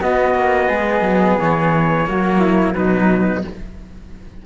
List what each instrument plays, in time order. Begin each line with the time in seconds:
0.00 cello B3, flute F#4, trumpet D#5
0.34 cello A#3
0.69 cello G#3, flute G#4
1.01 cello F#3
1.39 cello E3, trumpet C#5
2.05 cello F#3 A#3, flute F#4
2.40 flute E4
2.74 cello B2 F#3, flute D#4, trumpet B4